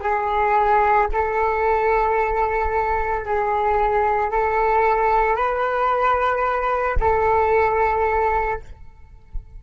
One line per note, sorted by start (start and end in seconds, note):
0.00 1.07 G#4
1.12 3.24 A4
3.24 4.31 G#4
4.31 5.36 A4
5.36 6.96 B4
6.99 8.60 A4